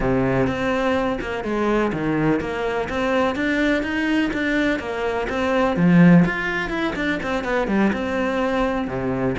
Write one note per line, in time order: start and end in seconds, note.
0.00 0.46 C3
0.46 1.18 C4
1.20 1.44 A#3
1.44 1.92 G#3
1.92 2.40 D#3
2.40 2.88 A#3
2.89 3.35 C4
3.35 3.82 D4
3.82 4.30 D#4
4.33 4.79 D4
4.79 5.27 A#3
5.29 5.76 C4
5.76 6.24 F3
6.25 6.69 F4
6.69 6.93 E4
6.95 7.19 D4
7.22 7.44 C4
7.44 7.67 B3
7.67 7.91 G3
7.92 8.87 C4
8.87 9.35 C3